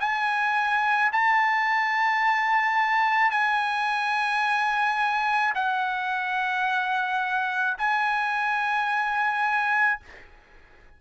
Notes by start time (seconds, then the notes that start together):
0.00 G#5
1.12 A5
3.31 G#5
5.55 F#5
7.78 G#5